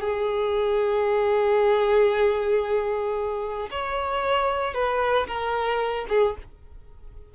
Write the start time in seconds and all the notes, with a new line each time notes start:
0.00 G#4
3.70 C#5
4.74 B4
5.27 A#4
6.09 G#4